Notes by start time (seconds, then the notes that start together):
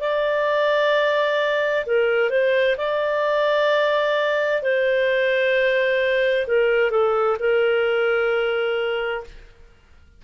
0.00 D5
1.86 A#4
2.30 C5
2.77 D5
4.62 C5
6.47 A#4
6.91 A4
7.39 A#4